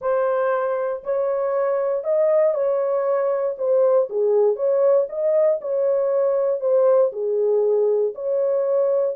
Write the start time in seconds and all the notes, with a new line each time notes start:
0.01 C5
1.03 C#5
2.04 D#5
2.54 C#5
3.58 C5
4.09 G#4
4.56 C#5
5.09 D#5
5.61 C#5
6.60 C5
7.12 G#4
8.14 C#5